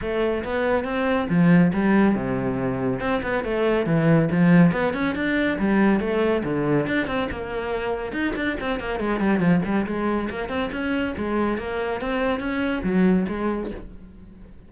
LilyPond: \new Staff \with { instrumentName = "cello" } { \time 4/4 \tempo 4 = 140 a4 b4 c'4 f4 | g4 c2 c'8 b8 | a4 e4 f4 b8 cis'8 | d'4 g4 a4 d4 |
d'8 c'8 ais2 dis'8 d'8 | c'8 ais8 gis8 g8 f8 g8 gis4 | ais8 c'8 cis'4 gis4 ais4 | c'4 cis'4 fis4 gis4 | }